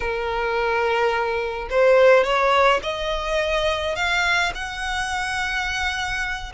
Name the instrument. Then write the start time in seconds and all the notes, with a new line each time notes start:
violin
0.00 A#4
1.70 C5
2.24 C#5
2.83 D#5
3.95 F5
4.54 F#5